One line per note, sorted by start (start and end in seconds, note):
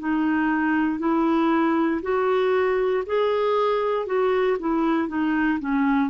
0.00 0.99 D#4
0.99 2.01 E4
2.02 3.04 F#4
3.06 4.07 G#4
4.07 4.58 F#4
4.60 5.08 E4
5.08 5.59 D#4
5.60 6.11 C#4